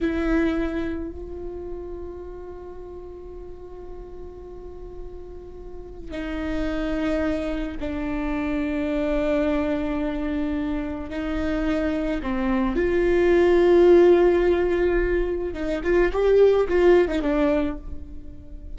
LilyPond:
\new Staff \with { instrumentName = "viola" } { \time 4/4 \tempo 4 = 108 e'2 f'2~ | f'1~ | f'2. dis'4~ | dis'2 d'2~ |
d'1 | dis'2 c'4 f'4~ | f'1 | dis'8 f'8 g'4 f'8. dis'16 d'4 | }